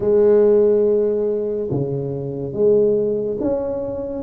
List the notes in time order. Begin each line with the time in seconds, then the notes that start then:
0.00 G#3
1.71 C#3
2.52 G#3
3.40 C#4